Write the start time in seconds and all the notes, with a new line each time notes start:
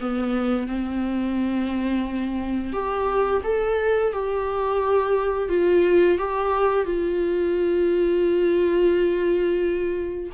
0.00 B3
0.67 C4
2.73 G4
3.44 A4
4.13 G4
5.49 F4
6.18 G4
6.85 F4